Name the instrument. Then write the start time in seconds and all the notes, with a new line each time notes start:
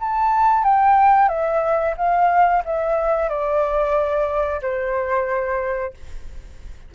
flute
0.00 A5
0.64 G5
1.29 E5
1.97 F5
2.65 E5
3.29 D5
4.62 C5